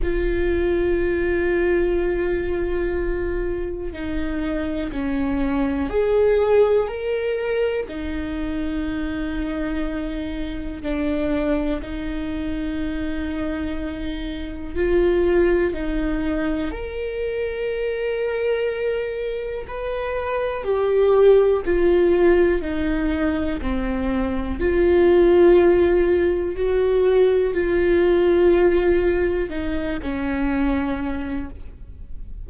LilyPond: \new Staff \with { instrumentName = "viola" } { \time 4/4 \tempo 4 = 61 f'1 | dis'4 cis'4 gis'4 ais'4 | dis'2. d'4 | dis'2. f'4 |
dis'4 ais'2. | b'4 g'4 f'4 dis'4 | c'4 f'2 fis'4 | f'2 dis'8 cis'4. | }